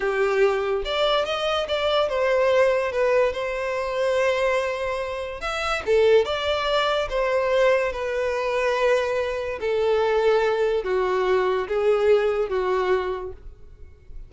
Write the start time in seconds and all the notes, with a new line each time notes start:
0.00 G4
0.84 D5
1.25 D#5
1.68 D5
2.08 C5
2.91 B4
3.32 C5
5.40 E5
5.86 A4
6.25 D5
7.09 C5
7.92 B4
9.60 A4
10.84 F#4
11.68 G#4
12.49 F#4